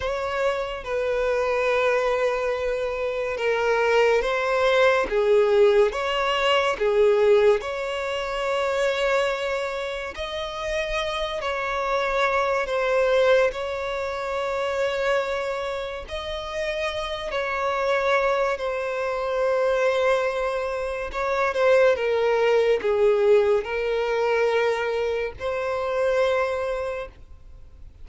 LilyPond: \new Staff \with { instrumentName = "violin" } { \time 4/4 \tempo 4 = 71 cis''4 b'2. | ais'4 c''4 gis'4 cis''4 | gis'4 cis''2. | dis''4. cis''4. c''4 |
cis''2. dis''4~ | dis''8 cis''4. c''2~ | c''4 cis''8 c''8 ais'4 gis'4 | ais'2 c''2 | }